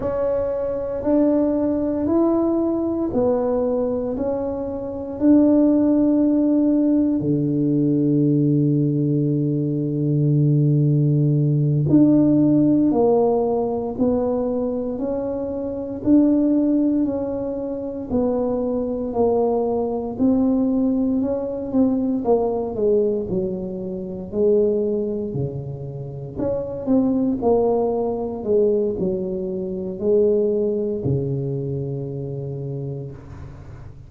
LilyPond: \new Staff \with { instrumentName = "tuba" } { \time 4/4 \tempo 4 = 58 cis'4 d'4 e'4 b4 | cis'4 d'2 d4~ | d2.~ d8 d'8~ | d'8 ais4 b4 cis'4 d'8~ |
d'8 cis'4 b4 ais4 c'8~ | c'8 cis'8 c'8 ais8 gis8 fis4 gis8~ | gis8 cis4 cis'8 c'8 ais4 gis8 | fis4 gis4 cis2 | }